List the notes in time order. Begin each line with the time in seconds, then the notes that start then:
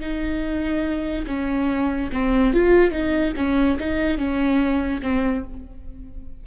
0.00 D#4
1.26 C#4
2.12 C4
2.53 F4
2.91 D#4
3.36 C#4
3.79 D#4
4.17 C#4
5.02 C4